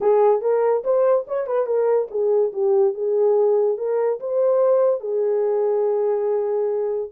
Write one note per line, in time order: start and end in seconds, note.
0.00 0.41 G#4
0.41 0.83 A#4
0.84 1.25 C5
1.27 1.46 C#5
1.46 1.66 B4
1.66 2.08 A#4
2.10 2.52 G#4
2.53 2.94 G4
2.94 3.77 G#4
3.77 4.19 A#4
4.20 5.00 C5
5.00 7.10 G#4